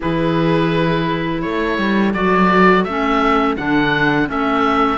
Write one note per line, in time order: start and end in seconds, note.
0.00 1.44 E3
0.00 2.14 E4
0.00 1.41 G#4
0.00 1.41 B4
1.41 1.78 A3
1.41 4.98 A4
1.41 2.12 C#5
1.78 2.14 G3
2.13 2.85 F#3
2.13 2.86 F#4
2.13 2.83 D5
2.83 3.56 A3
2.83 3.57 C#4
2.83 3.55 E5
3.57 4.29 D3
3.57 4.26 D4
3.57 4.28 F#5
4.26 4.98 A3
4.26 4.97 C#4
4.26 4.98 E5